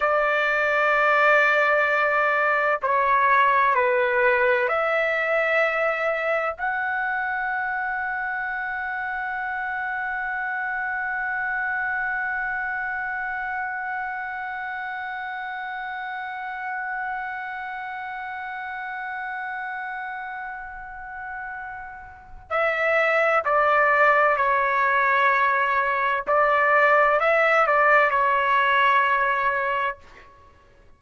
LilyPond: \new Staff \with { instrumentName = "trumpet" } { \time 4/4 \tempo 4 = 64 d''2. cis''4 | b'4 e''2 fis''4~ | fis''1~ | fis''1~ |
fis''1~ | fis''1 | e''4 d''4 cis''2 | d''4 e''8 d''8 cis''2 | }